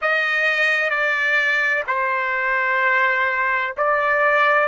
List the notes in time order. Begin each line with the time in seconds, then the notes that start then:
0.01 D#5
0.89 D5
1.87 C5
3.77 D5